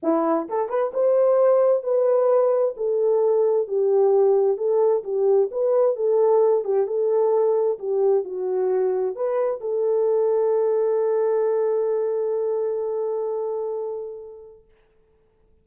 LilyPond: \new Staff \with { instrumentName = "horn" } { \time 4/4 \tempo 4 = 131 e'4 a'8 b'8 c''2 | b'2 a'2 | g'2 a'4 g'4 | b'4 a'4. g'8 a'4~ |
a'4 g'4 fis'2 | b'4 a'2.~ | a'1~ | a'1 | }